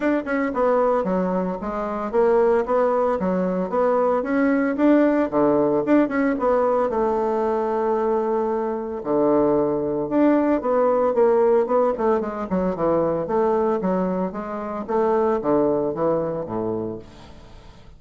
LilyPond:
\new Staff \with { instrumentName = "bassoon" } { \time 4/4 \tempo 4 = 113 d'8 cis'8 b4 fis4 gis4 | ais4 b4 fis4 b4 | cis'4 d'4 d4 d'8 cis'8 | b4 a2.~ |
a4 d2 d'4 | b4 ais4 b8 a8 gis8 fis8 | e4 a4 fis4 gis4 | a4 d4 e4 a,4 | }